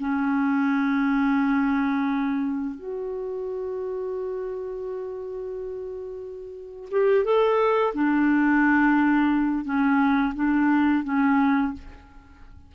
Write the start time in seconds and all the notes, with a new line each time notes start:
0.00 C#4
2.75 F#4
6.92 G4
7.25 A4
7.94 D4
9.65 C#4
10.35 D4
11.04 C#4